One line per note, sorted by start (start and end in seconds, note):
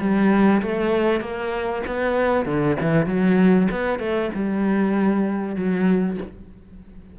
0.00 0.62 G3
0.62 1.21 A3
1.21 1.82 A#3
1.87 2.46 B3
2.46 2.77 D3
2.81 3.06 E3
3.06 3.68 F#3
3.71 4.00 B3
4.00 4.30 A3
4.34 5.56 G3
5.56 6.18 F#3